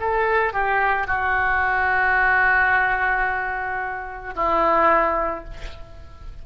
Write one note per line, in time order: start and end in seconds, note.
0.00 0.53 A4
0.53 1.07 G4
1.07 4.34 F#4
4.35 5.44 E4